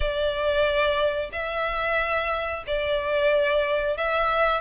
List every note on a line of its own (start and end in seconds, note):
0.00 1.29 D5
1.32 2.64 E5
2.66 3.97 D5
3.97 4.60 E5